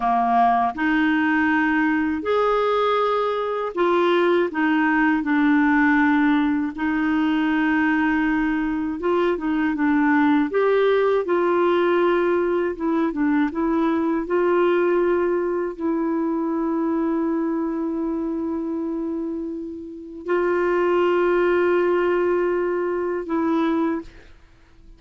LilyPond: \new Staff \with { instrumentName = "clarinet" } { \time 4/4 \tempo 4 = 80 ais4 dis'2 gis'4~ | gis'4 f'4 dis'4 d'4~ | d'4 dis'2. | f'8 dis'8 d'4 g'4 f'4~ |
f'4 e'8 d'8 e'4 f'4~ | f'4 e'2.~ | e'2. f'4~ | f'2. e'4 | }